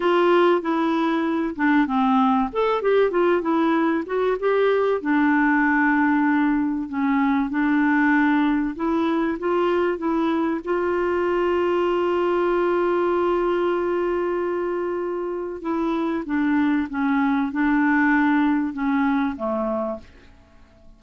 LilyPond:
\new Staff \with { instrumentName = "clarinet" } { \time 4/4 \tempo 4 = 96 f'4 e'4. d'8 c'4 | a'8 g'8 f'8 e'4 fis'8 g'4 | d'2. cis'4 | d'2 e'4 f'4 |
e'4 f'2.~ | f'1~ | f'4 e'4 d'4 cis'4 | d'2 cis'4 a4 | }